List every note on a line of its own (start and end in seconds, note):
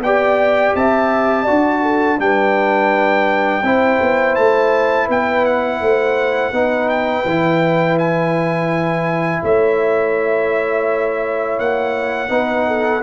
0.00 0.72 B3
0.00 1.47 G4
0.00 0.76 D5
0.00 0.75 G5
0.75 1.47 C4
0.75 1.43 E5
0.75 2.20 A5
1.43 2.18 F#4
1.43 1.80 D5
1.49 2.19 D4
1.82 2.18 A4
2.18 3.63 G3
2.18 3.63 D4
2.18 3.64 B4
2.18 4.35 G5
3.63 3.99 C4
3.63 6.53 E4
3.63 5.06 C5
4.01 4.37 B3
4.35 5.09 A3
4.35 5.08 A5
5.06 5.81 B3
5.06 5.78 B4
5.06 5.45 G5
5.45 6.89 F#5
5.81 6.52 A3
5.81 6.54 C5
6.52 7.24 B3
6.52 7.25 D#4
6.52 9.43 B4
6.89 7.97 G5
7.25 9.42 E3
7.25 12.29 E4
7.98 9.43 G#5
9.43 11.59 A3
9.43 12.31 C#5
9.43 11.59 E5
11.59 12.29 A#3
11.59 13.03 F#5
12.29 13.02 B3
12.29 13.01 D#4
12.29 12.67 B4
12.67 13.03 A4